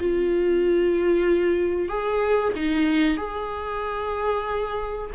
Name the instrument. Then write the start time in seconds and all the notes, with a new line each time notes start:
viola
0.00 F4
1.89 G#4
2.56 D#4
3.17 G#4